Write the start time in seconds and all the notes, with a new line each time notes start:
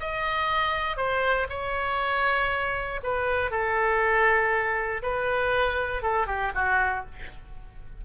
0.00 D#5
0.97 C5
1.49 C#5
3.03 B4
3.51 A4
5.02 B4
6.02 A4
6.26 G4
6.55 F#4